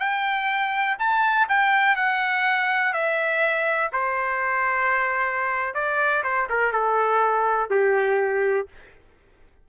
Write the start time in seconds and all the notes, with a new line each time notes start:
0.00 G5
0.99 A5
1.49 G5
1.96 F#5
2.94 E5
3.93 C5
5.74 D5
6.24 C5
6.50 A#4
6.73 A4
7.70 G4